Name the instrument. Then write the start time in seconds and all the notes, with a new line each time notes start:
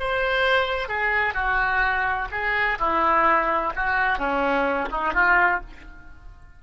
oboe
0.00 C5
0.88 G#4
1.34 F#4
2.31 G#4
2.79 E4
3.76 F#4
4.19 C#4
4.92 D#4
5.14 F4